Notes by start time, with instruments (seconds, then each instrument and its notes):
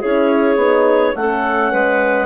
0.00 bassoon C#4, horn E4, clarinet G#4 C#5
0.56 bassoon B3, horn D#4
1.15 bassoon A3, horn C#4, clarinet A4 F#5
1.71 bassoon G#3, clarinet B4